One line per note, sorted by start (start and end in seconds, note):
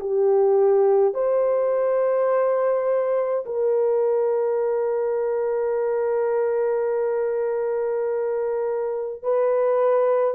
0.00 1.14 G4
1.14 3.45 C5
3.46 9.23 A#4
9.23 10.34 B4